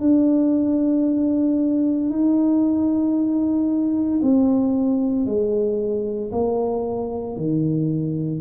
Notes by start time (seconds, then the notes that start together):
0.00 D4
2.10 D#4
4.22 C4
5.26 G#3
6.32 A#3
7.36 D#3